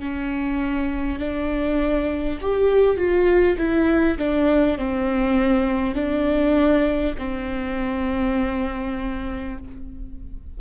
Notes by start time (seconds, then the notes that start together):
0.00 C#4
1.19 D4
2.42 G4
2.97 F4
3.58 E4
4.18 D4
4.79 C4
5.96 D4
7.19 C4